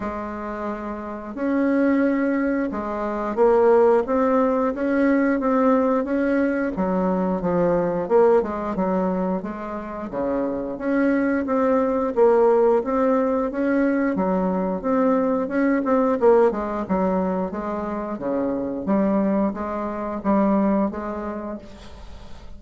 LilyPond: \new Staff \with { instrumentName = "bassoon" } { \time 4/4 \tempo 4 = 89 gis2 cis'2 | gis4 ais4 c'4 cis'4 | c'4 cis'4 fis4 f4 | ais8 gis8 fis4 gis4 cis4 |
cis'4 c'4 ais4 c'4 | cis'4 fis4 c'4 cis'8 c'8 | ais8 gis8 fis4 gis4 cis4 | g4 gis4 g4 gis4 | }